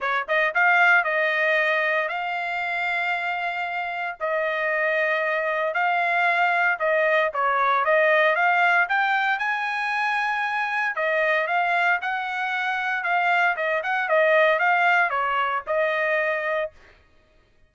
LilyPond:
\new Staff \with { instrumentName = "trumpet" } { \time 4/4 \tempo 4 = 115 cis''8 dis''8 f''4 dis''2 | f''1 | dis''2. f''4~ | f''4 dis''4 cis''4 dis''4 |
f''4 g''4 gis''2~ | gis''4 dis''4 f''4 fis''4~ | fis''4 f''4 dis''8 fis''8 dis''4 | f''4 cis''4 dis''2 | }